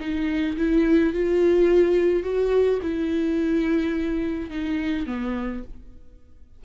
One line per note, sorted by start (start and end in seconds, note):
0.00 0.57 D#4
0.57 1.13 E4
1.13 2.23 F4
2.23 2.80 F#4
2.82 4.50 E4
4.50 5.06 D#4
5.06 5.63 B3